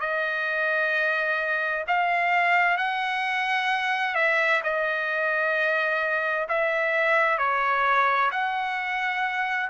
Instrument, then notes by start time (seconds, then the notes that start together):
trumpet
0.00 D#5
1.87 F5
2.77 F#5
4.15 E5
4.63 D#5
6.48 E5
7.38 C#5
8.31 F#5